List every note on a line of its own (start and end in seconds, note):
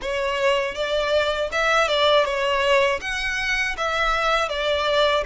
0.01 0.75 C#5
0.75 1.50 D5
1.51 1.88 E5
1.88 2.25 D5
2.25 3.00 C#5
3.00 3.75 F#5
3.77 4.48 E5
4.48 5.23 D5